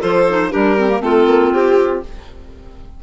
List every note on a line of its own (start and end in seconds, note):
0.00 0.53 F3
0.00 0.25 F4
0.00 0.50 A4
0.00 0.52 C5
0.30 0.51 D#4
0.51 1.01 G3
0.51 0.76 D4
0.51 1.01 G4
0.51 1.02 A#4
0.78 0.89 C4
0.89 1.01 A#3
1.01 1.26 A3
1.01 2.01 C4
1.01 2.03 F4
1.01 1.53 A4
1.27 1.52 A#3
1.53 2.03 C4
1.53 2.03 G4